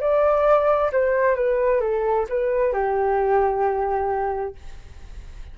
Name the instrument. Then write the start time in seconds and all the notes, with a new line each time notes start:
flute
0.00 D5
0.92 C5
1.35 B4
1.81 A4
2.29 B4
2.73 G4